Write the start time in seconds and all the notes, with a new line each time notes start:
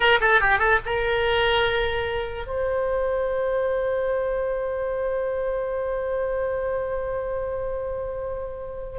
0.00 A#4
0.20 A4
0.41 G4
0.58 A4
0.85 A#4
2.46 C5